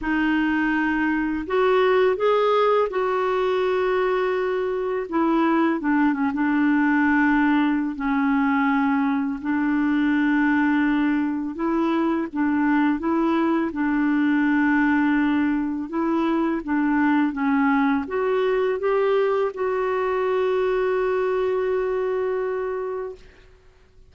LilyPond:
\new Staff \with { instrumentName = "clarinet" } { \time 4/4 \tempo 4 = 83 dis'2 fis'4 gis'4 | fis'2. e'4 | d'8 cis'16 d'2~ d'16 cis'4~ | cis'4 d'2. |
e'4 d'4 e'4 d'4~ | d'2 e'4 d'4 | cis'4 fis'4 g'4 fis'4~ | fis'1 | }